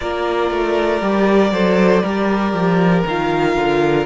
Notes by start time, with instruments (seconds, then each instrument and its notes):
0.00 cello A#3, viola F4, violin A#4 D5
0.50 cello A3
1.01 cello G3, viola G4
1.51 cello F#3, viola A4, violin C5
2.03 cello G3, viola G4, violin A#4
2.53 cello F3
3.05 cello D#3, viola F4, violin F5
3.56 cello D3